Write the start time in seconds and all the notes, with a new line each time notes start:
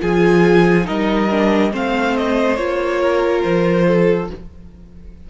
0.00 F3 F4 G#4 G#5
0.84 G3 D#4 A#4 D#5
1.31 D4
1.72 A3 C4 C5 F5
2.17 D#5
2.56 A#3 F4 C#5
3.01 A#4
3.43 F3 C5
3.88 A4